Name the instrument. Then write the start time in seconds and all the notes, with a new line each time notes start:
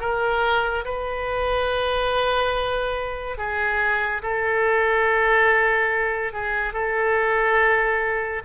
oboe
0.00 A#4
0.85 B4
3.38 G#4
4.23 A4
6.33 G#4
6.73 A4